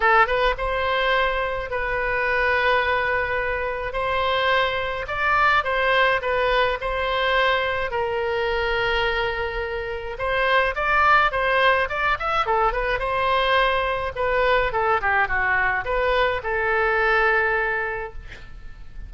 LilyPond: \new Staff \with { instrumentName = "oboe" } { \time 4/4 \tempo 4 = 106 a'8 b'8 c''2 b'4~ | b'2. c''4~ | c''4 d''4 c''4 b'4 | c''2 ais'2~ |
ais'2 c''4 d''4 | c''4 d''8 e''8 a'8 b'8 c''4~ | c''4 b'4 a'8 g'8 fis'4 | b'4 a'2. | }